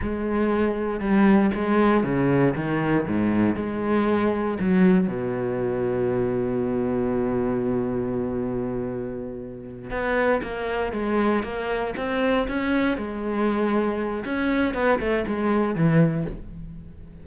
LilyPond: \new Staff \with { instrumentName = "cello" } { \time 4/4 \tempo 4 = 118 gis2 g4 gis4 | cis4 dis4 gis,4 gis4~ | gis4 fis4 b,2~ | b,1~ |
b,2.~ b,8 b8~ | b8 ais4 gis4 ais4 c'8~ | c'8 cis'4 gis2~ gis8 | cis'4 b8 a8 gis4 e4 | }